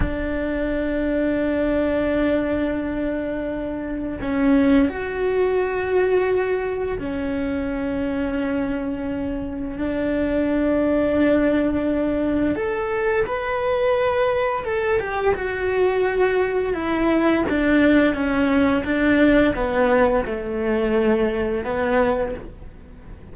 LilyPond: \new Staff \with { instrumentName = "cello" } { \time 4/4 \tempo 4 = 86 d'1~ | d'2 cis'4 fis'4~ | fis'2 cis'2~ | cis'2 d'2~ |
d'2 a'4 b'4~ | b'4 a'8 g'8 fis'2 | e'4 d'4 cis'4 d'4 | b4 a2 b4 | }